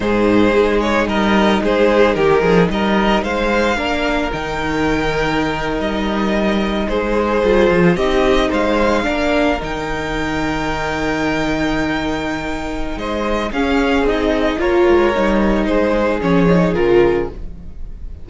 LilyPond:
<<
  \new Staff \with { instrumentName = "violin" } { \time 4/4 \tempo 4 = 111 c''4. cis''8 dis''4 c''4 | ais'4 dis''4 f''2 | g''2~ g''8. dis''4~ dis''16~ | dis''8. c''2 dis''4 f''16~ |
f''4.~ f''16 g''2~ g''16~ | g''1 | dis''4 f''4 dis''4 cis''4~ | cis''4 c''4 cis''4 ais'4 | }
  \new Staff \with { instrumentName = "violin" } { \time 4/4 gis'2 ais'4 gis'4 | g'8 gis'8 ais'4 c''4 ais'4~ | ais'1~ | ais'8. gis'2 g'4 c''16~ |
c''8. ais'2.~ ais'16~ | ais'1 | c''4 gis'2 ais'4~ | ais'4 gis'2. | }
  \new Staff \with { instrumentName = "viola" } { \time 4/4 dis'1~ | dis'2. d'4 | dis'1~ | dis'4.~ dis'16 f'4 dis'4~ dis'16~ |
dis'8. d'4 dis'2~ dis'16~ | dis'1~ | dis'4 cis'4 dis'4 f'4 | dis'2 cis'8 dis'8 f'4 | }
  \new Staff \with { instrumentName = "cello" } { \time 4/4 gis,4 gis4 g4 gis4 | dis8 f8 g4 gis4 ais4 | dis2~ dis8. g4~ g16~ | g8. gis4 g8 f8 c'4 gis16~ |
gis8. ais4 dis2~ dis16~ | dis1 | gis4 cis'4 c'4 ais8 gis8 | g4 gis4 f4 cis4 | }
>>